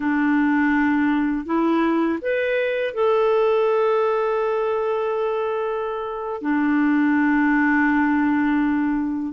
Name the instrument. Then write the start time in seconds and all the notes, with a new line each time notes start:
clarinet
0.00 D4
1.45 E4
2.21 B4
2.93 A4
6.41 D4